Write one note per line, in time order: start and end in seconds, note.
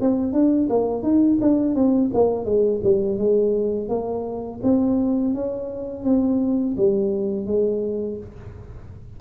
0.00 0.32 C4
0.32 0.68 D4
0.69 1.03 A#3
1.03 1.39 D#4
1.41 1.75 D4
1.75 2.11 C4
2.14 2.45 A#3
2.45 2.81 G#3
2.83 3.18 G3
3.18 3.89 G#3
3.89 4.60 A#3
4.63 5.34 C4
5.34 6.04 C#4
6.04 6.76 C4
6.77 7.46 G3
7.46 8.18 G#3